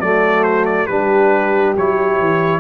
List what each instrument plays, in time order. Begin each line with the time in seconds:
0.00 tuba F#3, trombone A3, horn F#4, trumpet D5
0.44 trumpet C5
0.66 trumpet D5
0.87 tuba G3, trombone D4, horn G4, trumpet B4
1.77 tuba F#3, trombone E4, trumpet C#5
2.20 tuba E3